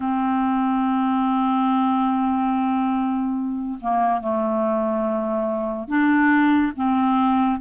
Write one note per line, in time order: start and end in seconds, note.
0.00 3.78 C4
3.81 4.21 A#3
4.21 5.88 A3
5.88 6.72 D4
6.75 7.60 C4